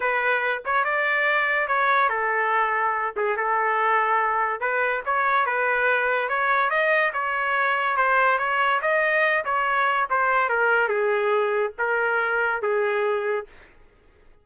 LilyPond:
\new Staff \with { instrumentName = "trumpet" } { \time 4/4 \tempo 4 = 143 b'4. cis''8 d''2 | cis''4 a'2~ a'8 gis'8 | a'2. b'4 | cis''4 b'2 cis''4 |
dis''4 cis''2 c''4 | cis''4 dis''4. cis''4. | c''4 ais'4 gis'2 | ais'2 gis'2 | }